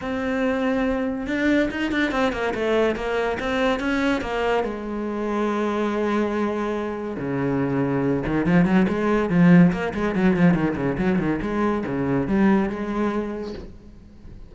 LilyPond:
\new Staff \with { instrumentName = "cello" } { \time 4/4 \tempo 4 = 142 c'2. d'4 | dis'8 d'8 c'8 ais8 a4 ais4 | c'4 cis'4 ais4 gis4~ | gis1~ |
gis4 cis2~ cis8 dis8 | f8 fis8 gis4 f4 ais8 gis8 | fis8 f8 dis8 cis8 fis8 dis8 gis4 | cis4 g4 gis2 | }